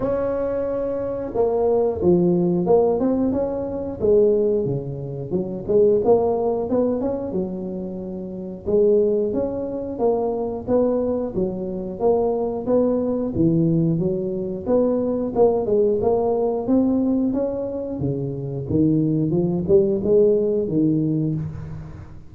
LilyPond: \new Staff \with { instrumentName = "tuba" } { \time 4/4 \tempo 4 = 90 cis'2 ais4 f4 | ais8 c'8 cis'4 gis4 cis4 | fis8 gis8 ais4 b8 cis'8 fis4~ | fis4 gis4 cis'4 ais4 |
b4 fis4 ais4 b4 | e4 fis4 b4 ais8 gis8 | ais4 c'4 cis'4 cis4 | dis4 f8 g8 gis4 dis4 | }